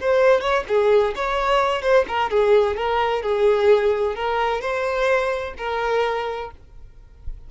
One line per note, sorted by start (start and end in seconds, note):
0.00 0.41 C5
0.41 0.64 C#5
0.68 1.14 G#4
1.16 1.82 C#5
1.82 2.05 C5
2.08 2.30 A#4
2.30 2.76 G#4
2.76 3.22 A#4
3.22 4.15 G#4
4.15 4.61 A#4
4.61 5.54 C5
5.58 6.51 A#4